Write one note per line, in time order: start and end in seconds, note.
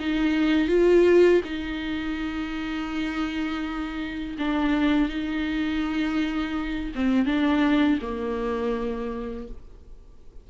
0.00 0.69 D#4
0.69 1.42 F4
1.45 4.37 D#4
4.39 5.09 D4
5.09 6.92 D#4
6.95 7.26 C4
7.26 7.99 D4
8.02 9.48 A#3